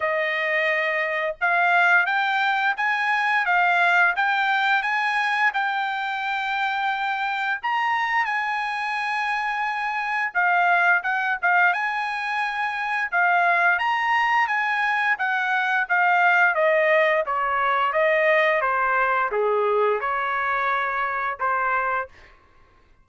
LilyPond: \new Staff \with { instrumentName = "trumpet" } { \time 4/4 \tempo 4 = 87 dis''2 f''4 g''4 | gis''4 f''4 g''4 gis''4 | g''2. ais''4 | gis''2. f''4 |
fis''8 f''8 gis''2 f''4 | ais''4 gis''4 fis''4 f''4 | dis''4 cis''4 dis''4 c''4 | gis'4 cis''2 c''4 | }